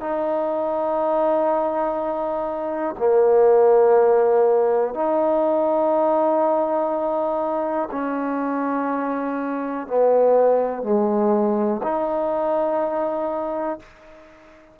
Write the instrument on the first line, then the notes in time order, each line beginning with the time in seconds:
trombone
0.00 D#4
2.98 A#3
4.94 D#4
7.91 C#4
9.88 B3
10.82 G#3
11.83 D#4